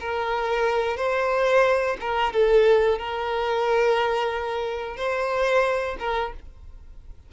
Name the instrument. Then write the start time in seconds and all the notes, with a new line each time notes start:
violin
0.00 A#4
0.97 C5
2.00 A#4
2.33 A4
2.98 A#4
4.97 C5
5.99 A#4